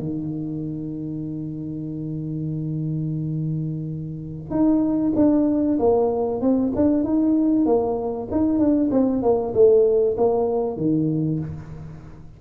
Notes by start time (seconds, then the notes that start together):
0.00 D#3
4.51 D#4
5.16 D4
5.80 A#3
6.42 C4
6.76 D4
7.04 D#4
7.66 A#3
8.32 D#4
8.59 D4
8.92 C4
9.23 A#3
9.54 A3
10.18 A#3
10.77 D#3